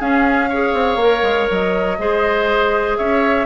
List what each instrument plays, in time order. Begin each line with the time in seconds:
0.00 clarinet C#4, bassoon C#4, oboe G#4, flute F5
0.50 clarinet G#4, oboe C#5
0.74 bassoon C4
0.96 bassoon A#3, clarinet A#4
1.23 bassoon G#3
1.51 bassoon F#3, flute D#5
1.99 bassoon G#3, clarinet G#4, oboe C5
2.97 bassoon C#4, oboe C#5, flute E5